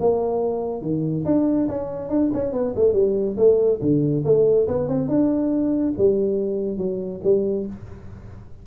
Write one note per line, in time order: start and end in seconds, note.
0.00 0.82 A#3
0.82 1.24 D#3
1.25 1.68 D4
1.68 2.09 C#4
2.09 2.31 D4
2.33 2.53 C#4
2.53 2.74 B3
2.76 2.93 A3
2.93 3.36 G3
3.37 3.80 A3
3.82 4.24 D3
4.25 4.68 A3
4.68 4.88 B3
4.88 5.09 C4
5.09 5.94 D4
5.98 6.78 G3
6.78 7.21 F#3
7.24 7.66 G3